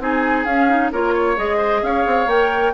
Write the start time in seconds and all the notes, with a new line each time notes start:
0.00 C4 D#4 G#4 G#5
0.45 C#4 F5
0.69 D#4
0.92 A#3 F4 A#4 C#5
1.14 C#5
1.37 G#3 G#4 D#5
1.57 C5
1.82 C#4 C#5 F5
2.06 C4
2.26 A#3 A#4 G5